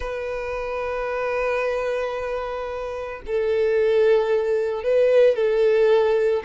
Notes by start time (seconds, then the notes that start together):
0.00 B4
3.26 A4
4.83 B4
5.35 A4